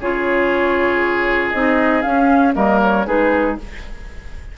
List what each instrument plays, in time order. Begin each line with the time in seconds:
0.00 bassoon C#3, clarinet F4, oboe G#4, flute C#5
1.51 bassoon C4, clarinet D#4, flute D#5
2.02 clarinet C#4, bassoon C#4, flute F5
2.53 bassoon G3, clarinet A#3, oboe A#4, flute D#5
2.82 flute C#5
3.06 bassoon G#3, clarinet D#4, oboe G#4, flute B4